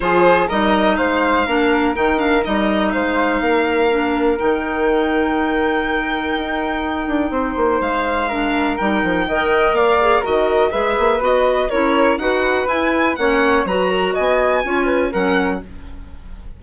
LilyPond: <<
  \new Staff \with { instrumentName = "violin" } { \time 4/4 \tempo 4 = 123 c''4 dis''4 f''2 | g''8 f''8 dis''4 f''2~ | f''4 g''2.~ | g''1 |
f''2 g''2 | f''4 dis''4 e''4 dis''4 | cis''4 fis''4 gis''4 fis''4 | ais''4 gis''2 fis''4 | }
  \new Staff \with { instrumentName = "flute" } { \time 4/4 gis'4 ais'4 c''4 ais'4~ | ais'2 c''4 ais'4~ | ais'1~ | ais'2. c''4~ |
c''4 ais'2 dis''4 | d''4 ais'4 b'2 | ais'4 b'2 cis''4 | b'8 ais'8 dis''4 cis''8 b'8 ais'4 | }
  \new Staff \with { instrumentName = "clarinet" } { \time 4/4 f'4 dis'2 d'4 | dis'8 d'8 dis'2. | d'4 dis'2.~ | dis'1~ |
dis'4 d'4 dis'4 ais'4~ | ais'8 gis'8 fis'4 gis'4 fis'4 | e'4 fis'4 e'4 cis'4 | fis'2 f'4 cis'4 | }
  \new Staff \with { instrumentName = "bassoon" } { \time 4/4 f4 g4 gis4 ais4 | dis4 g4 gis4 ais4~ | ais4 dis2.~ | dis4 dis'4. d'8 c'8 ais8 |
gis2 g8 f8 dis4 | ais4 dis4 gis8 ais8 b4 | cis'4 dis'4 e'4 ais4 | fis4 b4 cis'4 fis4 | }
>>